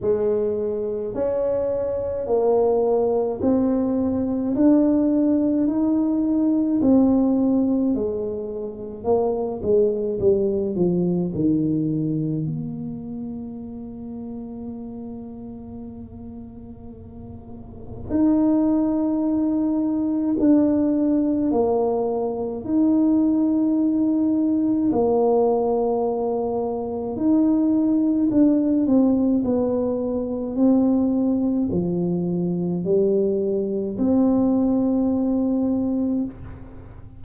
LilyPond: \new Staff \with { instrumentName = "tuba" } { \time 4/4 \tempo 4 = 53 gis4 cis'4 ais4 c'4 | d'4 dis'4 c'4 gis4 | ais8 gis8 g8 f8 dis4 ais4~ | ais1 |
dis'2 d'4 ais4 | dis'2 ais2 | dis'4 d'8 c'8 b4 c'4 | f4 g4 c'2 | }